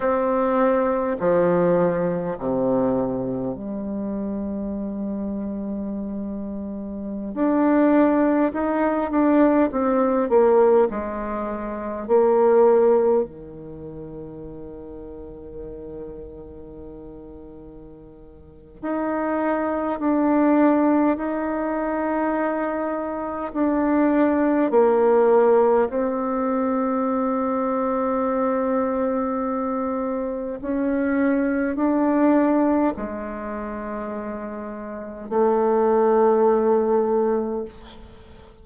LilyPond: \new Staff \with { instrumentName = "bassoon" } { \time 4/4 \tempo 4 = 51 c'4 f4 c4 g4~ | g2~ g16 d'4 dis'8 d'16~ | d'16 c'8 ais8 gis4 ais4 dis8.~ | dis1 |
dis'4 d'4 dis'2 | d'4 ais4 c'2~ | c'2 cis'4 d'4 | gis2 a2 | }